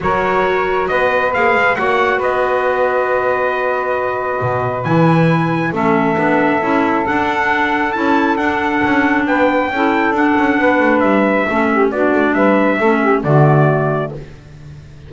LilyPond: <<
  \new Staff \with { instrumentName = "trumpet" } { \time 4/4 \tempo 4 = 136 cis''2 dis''4 f''4 | fis''4 dis''2.~ | dis''2. gis''4~ | gis''4 e''2. |
fis''2 a''4 fis''4~ | fis''4 g''2 fis''4~ | fis''4 e''2 d''4 | e''2 d''2 | }
  \new Staff \with { instrumentName = "saxophone" } { \time 4/4 ais'2 b'2 | cis''4 b'2.~ | b'1~ | b'4 a'2.~ |
a'1~ | a'4 b'4 a'2 | b'2 a'8 g'8 fis'4 | b'4 a'8 g'8 fis'2 | }
  \new Staff \with { instrumentName = "clarinet" } { \time 4/4 fis'2. gis'4 | fis'1~ | fis'2. e'4~ | e'4 cis'4 d'4 e'4 |
d'2 e'4 d'4~ | d'2 e'4 d'4~ | d'2 cis'4 d'4~ | d'4 cis'4 a2 | }
  \new Staff \with { instrumentName = "double bass" } { \time 4/4 fis2 b4 ais8 gis8 | ais4 b2.~ | b2 b,4 e4~ | e4 a4 b4 cis'4 |
d'2 cis'4 d'4 | cis'4 b4 cis'4 d'8 cis'8 | b8 a8 g4 a4 b8 a8 | g4 a4 d2 | }
>>